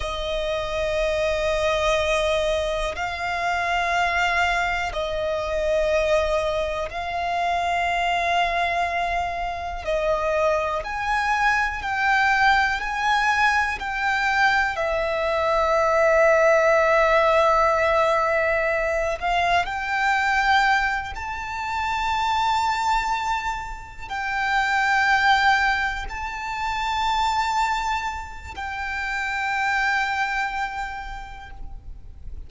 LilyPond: \new Staff \with { instrumentName = "violin" } { \time 4/4 \tempo 4 = 61 dis''2. f''4~ | f''4 dis''2 f''4~ | f''2 dis''4 gis''4 | g''4 gis''4 g''4 e''4~ |
e''2.~ e''8 f''8 | g''4. a''2~ a''8~ | a''8 g''2 a''4.~ | a''4 g''2. | }